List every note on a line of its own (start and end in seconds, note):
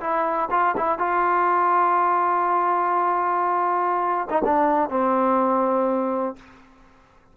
0.00 0.49 E4
0.50 0.75 F4
0.77 0.98 E4
0.98 4.28 F4
4.30 4.42 D#4
4.44 4.90 D4
4.90 6.36 C4